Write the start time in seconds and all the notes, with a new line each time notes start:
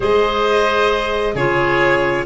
0.00 G#3 G#4 C5 D#5
1.34 C#3 F4 G#4 C#5